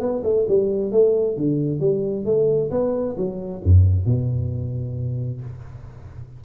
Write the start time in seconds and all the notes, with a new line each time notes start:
0.00 B3
0.24 A3
0.48 G3
0.92 A3
1.37 D3
1.80 G3
2.25 A3
2.71 B3
3.17 F#3
3.64 F#2
4.06 B2